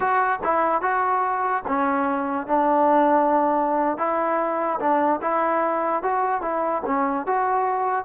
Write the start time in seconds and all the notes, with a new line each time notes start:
0.00 F#4
0.43 E4
0.81 F#4
1.67 C#4
2.47 D4
3.97 E4
4.79 D4
5.21 E4
6.02 F#4
6.41 E4
6.85 C#4
7.26 F#4